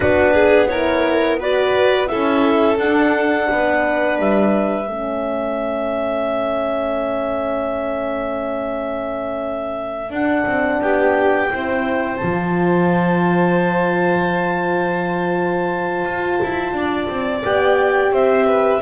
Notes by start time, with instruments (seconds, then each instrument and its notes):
0.00 double bass B3, horn D4, violin F#4, clarinet B4
0.33 violin G#4
0.68 horn E4, violin A#4, clarinet C#5
1.39 horn F#4, violin B4, clarinet D5
2.06 horn E4, violin A4, clarinet E5
2.13 double bass C#4
2.77 double bass D4, horn D4, clarinet F#5
3.51 double bass B3, violin B4
4.18 double bass G3, clarinet E5
4.86 double bass A3, horn C#4, violin A4
10.09 double bass D4, horn D4, clarinet F#5
10.45 double bass C4
10.81 double bass B3, violin G4, clarinet G5
11.50 double bass C4, horn E4, violin C5
12.17 double bass F3, horn F4, clarinet A5
16.05 double bass F4
16.42 double bass E4
16.72 double bass D4, violin D5
17.08 double bass C4
17.42 double bass B3, horn G4, clarinet G5
18.10 double bass C4, violin C5, clarinet E5
18.47 violin B4